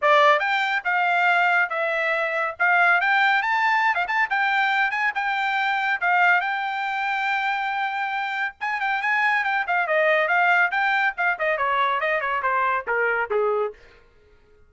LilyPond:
\new Staff \with { instrumentName = "trumpet" } { \time 4/4 \tempo 4 = 140 d''4 g''4 f''2 | e''2 f''4 g''4 | a''4~ a''16 f''16 a''8 g''4. gis''8 | g''2 f''4 g''4~ |
g''1 | gis''8 g''8 gis''4 g''8 f''8 dis''4 | f''4 g''4 f''8 dis''8 cis''4 | dis''8 cis''8 c''4 ais'4 gis'4 | }